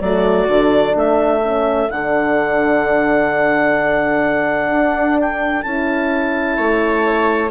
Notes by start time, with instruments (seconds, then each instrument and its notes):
0.00 bassoon F#3, horn A3, viola F#4, clarinet D5
0.48 bassoon D3, horn D4
0.95 bassoon A3, viola A4, clarinet E5
1.43 horn C#4
1.88 bassoon D3, horn D4, clarinet F#5
4.70 bassoon D4
5.20 clarinet G5
5.62 bassoon C#4, horn E4, clarinet A5
6.57 bassoon A3, viola C#5